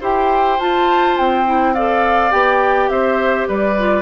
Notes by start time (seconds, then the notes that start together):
0.00 E4 G4 C5 G5
0.59 F4 A5
1.17 C4 G5
1.45 E4
1.74 A4 D5 F5
2.30 B3 G4 G5
2.89 C4 C5 E5
3.48 G3 B4 D5
3.78 F4